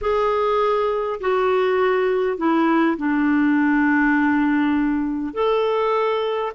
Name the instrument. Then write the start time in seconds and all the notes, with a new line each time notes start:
clarinet
0.01 G#4
1.20 F#4
2.37 E4
2.97 D4
5.33 A4